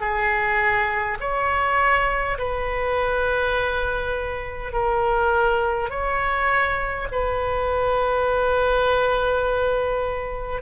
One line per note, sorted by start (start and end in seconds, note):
0.00 1.18 G#4
1.20 2.38 C#5
2.38 4.73 B4
4.73 5.90 A#4
5.90 7.07 C#5
7.11 10.61 B4